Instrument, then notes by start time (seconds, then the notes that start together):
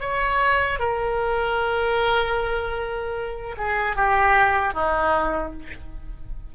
oboe
0.00 C#5
0.79 A#4
3.57 G#4
3.96 G4
4.73 D#4